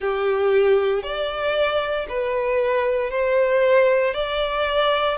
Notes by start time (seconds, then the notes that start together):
0.00 G4
1.03 D5
2.08 B4
3.10 C5
4.14 D5